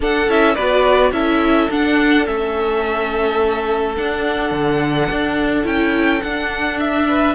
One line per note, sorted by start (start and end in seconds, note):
0.00 0.27 D4
0.00 0.28 D4
0.00 0.55 A4
0.00 0.30 F#5
0.28 0.56 C#4
0.28 0.56 E4
0.28 0.54 E5
0.54 1.11 B3
0.54 1.12 F#4
0.54 1.11 B4
0.54 1.11 D5
1.11 1.68 C#4
1.11 1.69 E4
1.11 7.08 A4
1.11 1.69 E5
1.70 2.27 D4
1.70 2.25 D4
1.70 2.25 F#5
2.25 3.97 A3
2.25 3.95 C#4
2.25 3.95 E5
3.96 5.63 D4
3.96 4.51 D4
3.96 5.66 F#5
4.51 5.08 D3
5.10 5.64 D4
5.63 6.21 C#4
5.63 6.20 E4
5.63 6.22 G5
6.22 7.35 D4
6.22 6.78 F#5
6.79 7.35 E5
7.08 7.35 B4